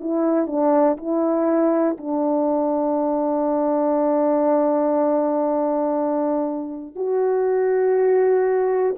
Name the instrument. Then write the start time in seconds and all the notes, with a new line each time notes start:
horn
0.00 E4
0.47 D4
0.97 E4
1.98 D4
6.96 F#4